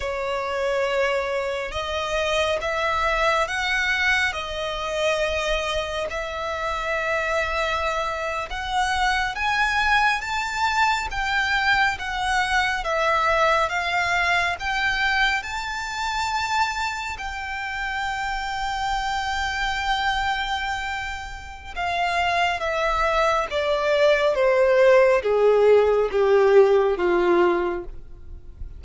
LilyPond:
\new Staff \with { instrumentName = "violin" } { \time 4/4 \tempo 4 = 69 cis''2 dis''4 e''4 | fis''4 dis''2 e''4~ | e''4.~ e''16 fis''4 gis''4 a''16~ | a''8. g''4 fis''4 e''4 f''16~ |
f''8. g''4 a''2 g''16~ | g''1~ | g''4 f''4 e''4 d''4 | c''4 gis'4 g'4 f'4 | }